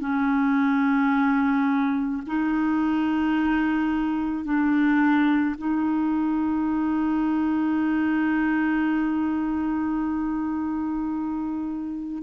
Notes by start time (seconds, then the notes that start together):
0.00 C#4
2.26 D#4
4.44 D4
5.58 D#4